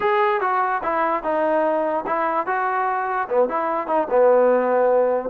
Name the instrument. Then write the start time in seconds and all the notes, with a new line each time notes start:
trombone
0.00 G#4
0.40 F#4
0.83 E4
1.23 D#4
2.06 E4
2.46 F#4
3.28 B3
3.48 E4
3.87 D#4
4.09 B3